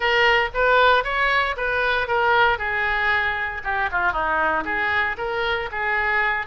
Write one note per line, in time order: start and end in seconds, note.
0.00 0.49 A#4
0.53 1.03 B4
1.03 1.55 C#5
1.57 2.07 B4
2.07 2.58 A#4
2.58 3.61 G#4
3.63 3.89 G4
3.91 4.12 F4
4.12 4.64 D#4
4.64 5.16 G#4
5.17 5.69 A#4
5.71 6.46 G#4